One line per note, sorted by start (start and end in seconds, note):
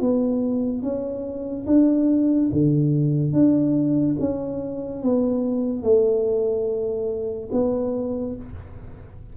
0.00 0.82 B3
0.82 1.66 C#4
1.66 2.50 D4
2.52 3.33 D3
3.33 4.16 D4
4.19 5.03 C#4
5.03 5.83 B3
5.83 7.49 A3
7.52 8.35 B3